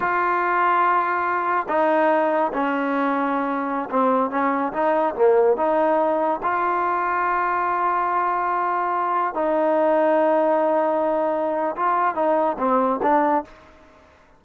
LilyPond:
\new Staff \with { instrumentName = "trombone" } { \time 4/4 \tempo 4 = 143 f'1 | dis'2 cis'2~ | cis'4~ cis'16 c'4 cis'4 dis'8.~ | dis'16 ais4 dis'2 f'8.~ |
f'1~ | f'2~ f'16 dis'4.~ dis'16~ | dis'1 | f'4 dis'4 c'4 d'4 | }